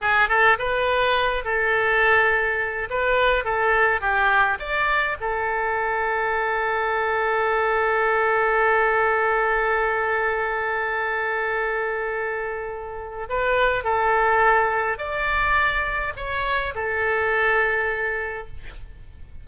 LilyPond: \new Staff \with { instrumentName = "oboe" } { \time 4/4 \tempo 4 = 104 gis'8 a'8 b'4. a'4.~ | a'4 b'4 a'4 g'4 | d''4 a'2.~ | a'1~ |
a'1~ | a'2. b'4 | a'2 d''2 | cis''4 a'2. | }